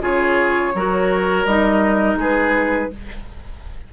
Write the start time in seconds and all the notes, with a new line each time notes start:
0.00 C#3 F4 G#4 C#5
0.74 F#3 F#4 A#4
1.44 G3 D#4 D#5
2.15 G#3 G#4
2.21 B4